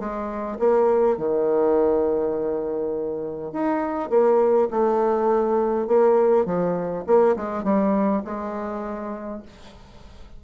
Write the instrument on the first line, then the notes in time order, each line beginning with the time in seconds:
bassoon
0.00 G#3
0.59 A#3
1.18 D#3
3.53 D#4
4.10 A#3
4.71 A3
5.88 A#3
6.46 F3
7.07 A#3
7.37 G#3
7.64 G3
8.25 G#3